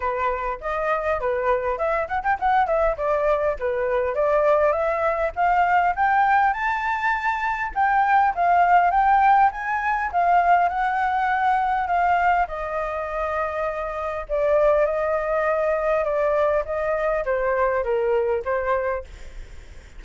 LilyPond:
\new Staff \with { instrumentName = "flute" } { \time 4/4 \tempo 4 = 101 b'4 dis''4 b'4 e''8 fis''16 g''16 | fis''8 e''8 d''4 b'4 d''4 | e''4 f''4 g''4 a''4~ | a''4 g''4 f''4 g''4 |
gis''4 f''4 fis''2 | f''4 dis''2. | d''4 dis''2 d''4 | dis''4 c''4 ais'4 c''4 | }